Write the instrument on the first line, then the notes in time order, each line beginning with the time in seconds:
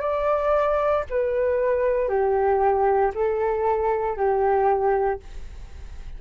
flute
0.00 D5
1.10 B4
2.08 G4
3.15 A4
4.16 G4